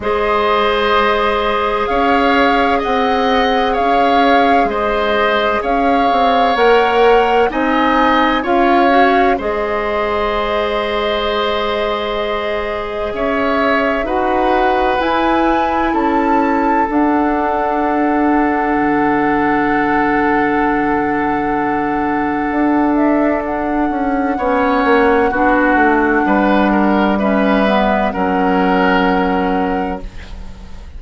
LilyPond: <<
  \new Staff \with { instrumentName = "flute" } { \time 4/4 \tempo 4 = 64 dis''2 f''4 fis''4 | f''4 dis''4 f''4 fis''4 | gis''4 f''4 dis''2~ | dis''2 e''4 fis''4 |
gis''4 a''4 fis''2~ | fis''1~ | fis''8 e''8 fis''2.~ | fis''4 e''4 fis''2 | }
  \new Staff \with { instrumentName = "oboe" } { \time 4/4 c''2 cis''4 dis''4 | cis''4 c''4 cis''2 | dis''4 cis''4 c''2~ | c''2 cis''4 b'4~ |
b'4 a'2.~ | a'1~ | a'2 cis''4 fis'4 | b'8 ais'8 b'4 ais'2 | }
  \new Staff \with { instrumentName = "clarinet" } { \time 4/4 gis'1~ | gis'2. ais'4 | dis'4 f'8 fis'8 gis'2~ | gis'2. fis'4 |
e'2 d'2~ | d'1~ | d'2 cis'4 d'4~ | d'4 cis'8 b8 cis'2 | }
  \new Staff \with { instrumentName = "bassoon" } { \time 4/4 gis2 cis'4 c'4 | cis'4 gis4 cis'8 c'8 ais4 | c'4 cis'4 gis2~ | gis2 cis'4 dis'4 |
e'4 cis'4 d'2 | d1 | d'4. cis'8 b8 ais8 b8 a8 | g2 fis2 | }
>>